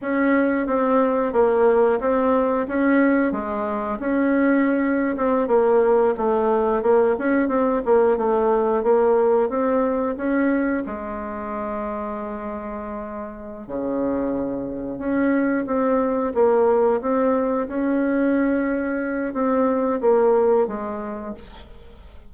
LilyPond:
\new Staff \with { instrumentName = "bassoon" } { \time 4/4 \tempo 4 = 90 cis'4 c'4 ais4 c'4 | cis'4 gis4 cis'4.~ cis'16 c'16~ | c'16 ais4 a4 ais8 cis'8 c'8 ais16~ | ais16 a4 ais4 c'4 cis'8.~ |
cis'16 gis2.~ gis8.~ | gis8 cis2 cis'4 c'8~ | c'8 ais4 c'4 cis'4.~ | cis'4 c'4 ais4 gis4 | }